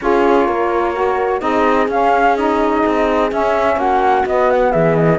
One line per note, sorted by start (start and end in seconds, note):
0.00 0.48 C#4
0.00 0.94 F4
0.00 0.46 G#4
0.00 1.40 C#5
0.46 1.41 A#3
0.46 1.40 A#4
0.94 1.40 F#4
1.40 1.88 C4
1.40 1.87 D#4
1.40 3.78 G#4
1.40 1.87 D#5
1.88 2.82 C#4
1.88 2.37 C#4
1.88 2.36 F5
2.36 3.30 D#4
2.36 3.30 D#5
2.86 3.31 C4
3.30 4.24 C#4
3.30 3.76 C#4
3.30 3.79 E5
3.76 4.23 A#3
3.76 4.71 F#4
3.76 4.26 F#5
4.25 4.72 B3
4.25 5.19 B3
4.25 4.50 D#5
4.50 4.72 F#5
4.71 5.19 E3
4.71 5.19 G#4
4.71 4.95 E5
4.95 5.19 D#5